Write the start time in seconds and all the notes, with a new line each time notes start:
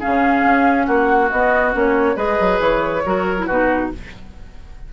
0.00 C#3 C#4 G#4 F5
0.44 C#4
0.86 A#3 F#4 F#5
1.30 B3 D#5
1.73 A#3 C#4 C#5
2.16 G#3 G#4 B4 D#5
2.40 F#3
2.60 E3 C#5
3.06 F#3 F#4 A#4
3.38 E4
3.46 B2 D#4 F#4 B4